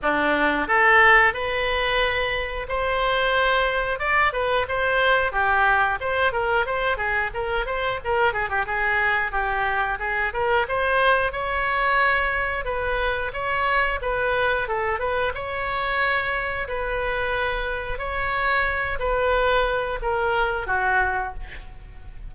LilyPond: \new Staff \with { instrumentName = "oboe" } { \time 4/4 \tempo 4 = 90 d'4 a'4 b'2 | c''2 d''8 b'8 c''4 | g'4 c''8 ais'8 c''8 gis'8 ais'8 c''8 | ais'8 gis'16 g'16 gis'4 g'4 gis'8 ais'8 |
c''4 cis''2 b'4 | cis''4 b'4 a'8 b'8 cis''4~ | cis''4 b'2 cis''4~ | cis''8 b'4. ais'4 fis'4 | }